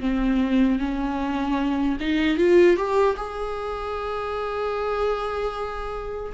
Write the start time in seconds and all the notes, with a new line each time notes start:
0.00 C4
0.79 C#4
2.01 D#4
2.38 F4
2.77 G4
3.17 G#4